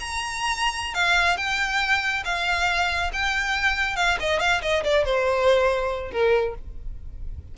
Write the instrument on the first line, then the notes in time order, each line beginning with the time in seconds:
violin
0.00 A#5
0.94 F5
1.37 G5
2.25 F5
3.13 G5
3.96 F5
4.20 D#5
4.40 F5
4.62 D#5
4.84 D5
5.05 C5
6.12 A#4